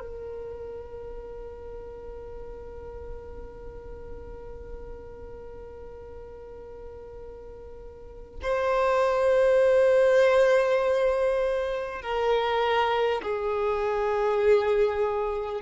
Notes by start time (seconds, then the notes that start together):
0.00 A#4
8.43 C5
12.02 A#4
13.22 G#4